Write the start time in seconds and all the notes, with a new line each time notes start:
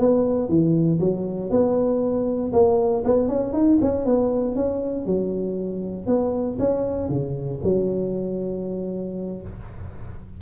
0.00 B3
0.49 E3
1.00 F#3
1.51 B3
2.53 A#3
3.05 B3
3.29 C#4
3.53 D#4
3.82 C#4
4.06 B3
4.56 C#4
5.06 F#3
6.07 B3
6.59 C#4
7.10 C#3
7.64 F#3